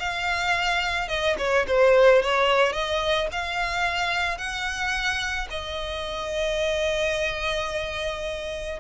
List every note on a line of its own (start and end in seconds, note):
0.00 1.09 F5
1.09 1.36 D#5
1.39 1.66 C#5
1.68 2.23 C5
2.23 2.73 C#5
2.73 3.28 D#5
3.32 4.38 F5
4.38 5.48 F#5
5.51 8.80 D#5